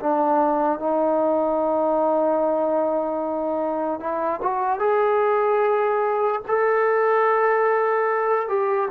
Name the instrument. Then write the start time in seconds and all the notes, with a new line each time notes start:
trombone
0.00 D4
0.79 D#4
4.00 E4
4.42 F#4
4.79 G#4
6.48 A4
8.48 G4